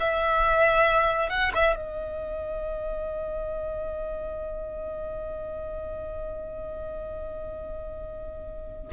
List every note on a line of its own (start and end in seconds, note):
0.00 1.29 E5
1.29 1.52 F#5
1.55 1.76 E5
1.76 8.92 D#5